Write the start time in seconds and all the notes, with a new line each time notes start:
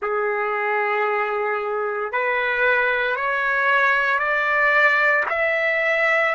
0.01 G#4
2.11 B4
3.16 C#5
4.18 D5
5.29 E5